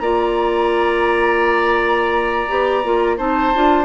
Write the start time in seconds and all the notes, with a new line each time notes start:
0.00 A#3 F4 D5 A#5
2.49 B3 G4
2.85 A#3 F4
3.18 C4 D#4 C5 A5
3.55 D4 F4